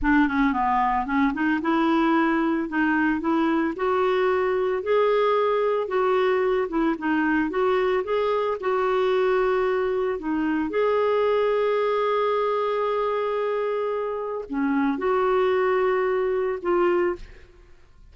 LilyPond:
\new Staff \with { instrumentName = "clarinet" } { \time 4/4 \tempo 4 = 112 d'8 cis'8 b4 cis'8 dis'8 e'4~ | e'4 dis'4 e'4 fis'4~ | fis'4 gis'2 fis'4~ | fis'8 e'8 dis'4 fis'4 gis'4 |
fis'2. dis'4 | gis'1~ | gis'2. cis'4 | fis'2. f'4 | }